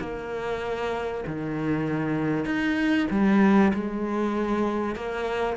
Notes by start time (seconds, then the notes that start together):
0.00 A#3
1.27 D#3
2.45 D#4
3.10 G3
3.73 G#3
4.95 A#3